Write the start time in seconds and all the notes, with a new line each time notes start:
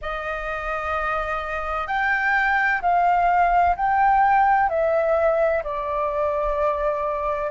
0.01 D#5
1.87 G5
2.81 F5
3.76 G5
4.69 E5
5.63 D5